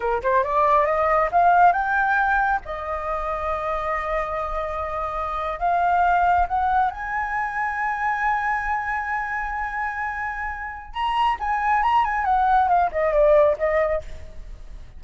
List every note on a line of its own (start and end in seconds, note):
0.00 0.22 A#4
0.22 0.43 C5
0.43 0.85 D5
0.85 1.29 D#5
1.31 1.72 F5
1.72 2.60 G5
2.65 5.59 D#5
5.59 6.46 F5
6.47 6.91 F#5
6.91 10.93 G#5
10.93 11.37 A#5
11.39 11.82 G#5
11.82 12.04 A#5
12.04 12.24 G#5
12.24 12.68 F#5
12.68 12.90 F5
12.91 13.12 D#5
13.12 13.56 D5
13.58 14.01 D#5